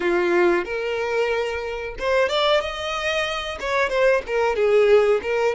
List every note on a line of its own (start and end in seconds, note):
0.00 0.65 F4
0.65 1.95 A#4
1.98 2.28 C5
2.28 2.60 D5
2.60 3.58 D#5
3.60 3.89 C#5
3.89 4.22 C5
4.26 4.55 A#4
4.55 5.20 G#4
5.22 5.55 A#4